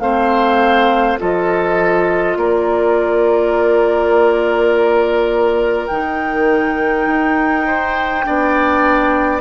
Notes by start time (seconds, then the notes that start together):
0.00 A3 C4 C5 F5
1.18 F3 F4 A4 D#5
2.36 A#3 A#4 D5
5.87 D#3 D#4 G5
7.07 D#4
7.67 C5
8.24 B3 D4 D5